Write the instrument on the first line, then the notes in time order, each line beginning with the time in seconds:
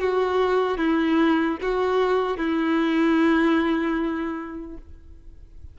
violin
0.00 F#4
0.78 E4
1.62 F#4
2.38 E4